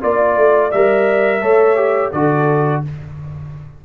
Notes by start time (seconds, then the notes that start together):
0.00 A#3 F4 D5
0.36 A3
0.71 G3 A#4 E5
1.41 A3 A4 C#5
1.76 G4
2.11 D3 F#4 A4 D5